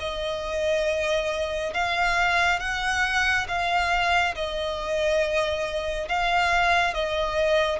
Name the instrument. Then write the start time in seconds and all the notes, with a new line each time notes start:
violin
0.00 D#5
1.74 F5
2.60 F#5
3.48 F5
4.36 D#5
6.09 F5
6.94 D#5